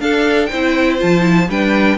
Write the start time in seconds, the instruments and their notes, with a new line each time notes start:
0.00 cello D4, viola D4, violin A4 F5
0.46 violin C5 G5
0.52 cello C4, viola E4
0.98 cello F3, viola F4, violin A5
1.21 viola E4
1.49 cello G3, viola D4, violin B4 G5